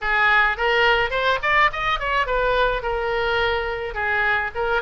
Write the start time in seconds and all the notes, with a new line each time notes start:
0.01 G#4
0.57 A#4
1.10 C5
1.42 D5
1.72 D#5
1.99 C#5
2.26 B4
2.82 A#4
3.94 G#4
4.54 A#4